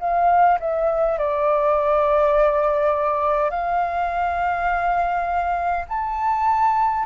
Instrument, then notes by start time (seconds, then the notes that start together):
flute
0.00 F5
0.60 E5
1.19 D5
3.50 F5
5.89 A5